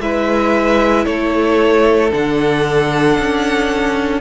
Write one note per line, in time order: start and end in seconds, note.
0.00 1.05 G#3
0.00 2.11 E4
0.00 1.05 B4
0.00 1.05 E5
1.05 2.12 A3
1.05 4.20 A4
1.05 2.11 C#5
2.11 3.18 D3
2.11 4.20 D4
2.11 4.20 F#5
3.19 4.20 C#4